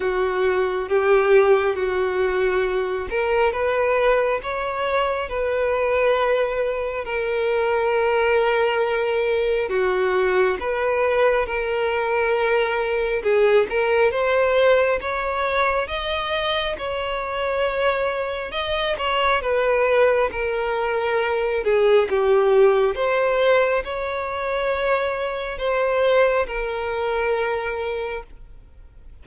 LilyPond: \new Staff \with { instrumentName = "violin" } { \time 4/4 \tempo 4 = 68 fis'4 g'4 fis'4. ais'8 | b'4 cis''4 b'2 | ais'2. fis'4 | b'4 ais'2 gis'8 ais'8 |
c''4 cis''4 dis''4 cis''4~ | cis''4 dis''8 cis''8 b'4 ais'4~ | ais'8 gis'8 g'4 c''4 cis''4~ | cis''4 c''4 ais'2 | }